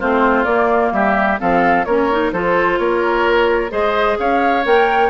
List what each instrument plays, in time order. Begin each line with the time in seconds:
0.00 bassoon A3, clarinet C4, oboe F4, flute C5
0.44 bassoon A#3, clarinet A#3, flute D5
0.92 bassoon G3, oboe G4, flute E5
1.38 bassoon F3, clarinet C4, oboe A4, flute F5
1.85 bassoon A#3, clarinet C#4, oboe A#4, flute C#5
2.11 clarinet D#4
2.32 bassoon F3, clarinet F4, oboe A4, flute C5
2.79 bassoon A#3, oboe A#4, flute C#5
3.70 bassoon G#3, clarinet G#4, oboe C5, flute D#5
4.19 bassoon C#4, oboe C#5, flute F5
4.65 bassoon A#3, clarinet A#4, flute G5